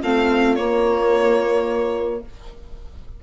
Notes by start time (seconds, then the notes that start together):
0.00 A3 C4 F4 F5
0.55 A#3 C#5